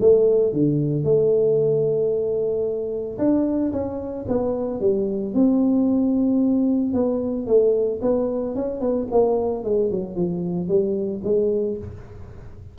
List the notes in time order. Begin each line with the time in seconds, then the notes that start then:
0.00 A3
0.53 D3
1.03 A3
3.18 D4
3.72 C#4
4.28 B3
4.80 G3
5.34 C4
6.93 B3
7.47 A3
8.01 B3
8.55 C#4
8.80 B3
9.11 A#3
9.64 G#3
9.90 F#3
10.15 F3
10.68 G3
11.24 G#3